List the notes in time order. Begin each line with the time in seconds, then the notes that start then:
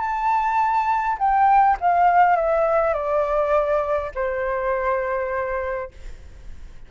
0.00 A5
1.18 G5
1.80 F5
2.36 E5
2.94 D5
4.15 C5